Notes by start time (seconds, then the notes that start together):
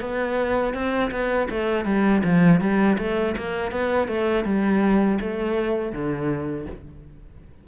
0.00 B3
0.73 C4
1.10 B3
1.50 A3
1.85 G3
2.24 F3
2.60 G3
2.98 A3
3.37 A#3
3.71 B3
4.07 A3
4.44 G3
5.20 A3
5.92 D3